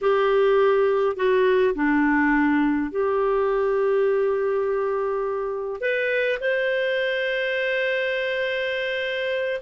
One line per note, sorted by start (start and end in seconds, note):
0.01 1.16 G4
1.16 1.74 F#4
1.74 2.91 D4
2.91 5.80 G4
5.80 6.38 B4
6.40 9.61 C5